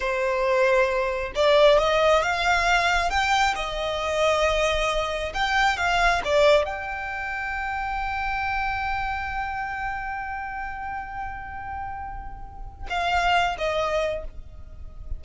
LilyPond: \new Staff \with { instrumentName = "violin" } { \time 4/4 \tempo 4 = 135 c''2. d''4 | dis''4 f''2 g''4 | dis''1 | g''4 f''4 d''4 g''4~ |
g''1~ | g''1~ | g''1~ | g''4 f''4. dis''4. | }